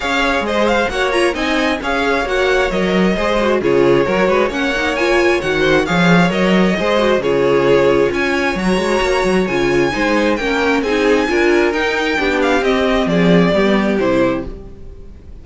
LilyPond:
<<
  \new Staff \with { instrumentName = "violin" } { \time 4/4 \tempo 4 = 133 f''4 dis''8 f''8 fis''8 ais''8 gis''4 | f''4 fis''4 dis''2 | cis''2 fis''4 gis''4 | fis''4 f''4 dis''2 |
cis''2 gis''4 ais''4~ | ais''4 gis''2 g''4 | gis''2 g''4. f''8 | dis''4 d''2 c''4 | }
  \new Staff \with { instrumentName = "violin" } { \time 4/4 cis''4 c''4 cis''4 dis''4 | cis''2. c''4 | gis'4 ais'8 b'8 cis''2~ | cis''8 c''8 cis''2 c''4 |
gis'2 cis''2~ | cis''2 c''4 ais'4 | gis'4 ais'2 g'4~ | g'4 gis'4 g'2 | }
  \new Staff \with { instrumentName = "viola" } { \time 4/4 gis'2 fis'8 f'8 dis'4 | gis'4 fis'4 ais'4 gis'8 fis'8 | f'4 fis'4 cis'8 dis'8 f'4 | fis'4 gis'4 ais'4 gis'8 fis'8 |
f'2. fis'4~ | fis'4 f'4 dis'4 cis'4 | dis'4 f'4 dis'4 d'4 | c'2 b4 e'4 | }
  \new Staff \with { instrumentName = "cello" } { \time 4/4 cis'4 gis4 ais4 c'4 | cis'4 ais4 fis4 gis4 | cis4 fis8 gis8 ais2 | dis4 f4 fis4 gis4 |
cis2 cis'4 fis8 gis8 | ais8 fis8 cis4 gis4 ais4 | c'4 d'4 dis'4 b4 | c'4 f4 g4 c4 | }
>>